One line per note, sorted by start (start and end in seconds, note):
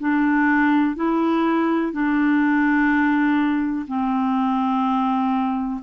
0.00 0.96 D4
0.96 1.93 E4
1.93 3.86 D4
3.88 5.81 C4